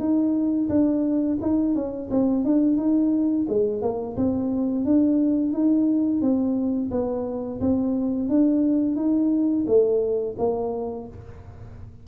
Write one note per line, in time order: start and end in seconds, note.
0.00 0.69 D#4
0.70 1.39 D4
1.42 1.75 D#4
1.75 2.10 C#4
2.11 2.45 C4
2.45 2.77 D4
2.77 3.46 D#4
3.49 3.82 G#3
3.82 4.17 A#3
4.17 4.86 C4
4.86 5.54 D4
5.54 6.22 D#4
6.22 6.91 C4
6.92 7.61 B3
7.61 8.29 C4
8.29 8.96 D4
8.96 9.65 D#4
9.67 10.36 A3
10.39 11.08 A#3